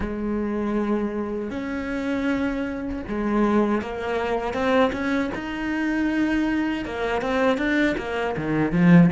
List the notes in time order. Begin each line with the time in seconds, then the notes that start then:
0.00 G#3
1.50 C#4
3.08 G#3
3.81 A#3
4.53 C4
4.92 C#4
5.34 D#4
6.85 A#3
7.22 C4
7.57 D4
7.97 A#3
8.36 D#3
8.71 F3